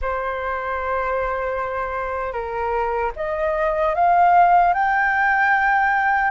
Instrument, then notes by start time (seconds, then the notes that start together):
flute
0.01 C5
2.32 A#4
3.16 D#5
3.95 F5
4.73 G5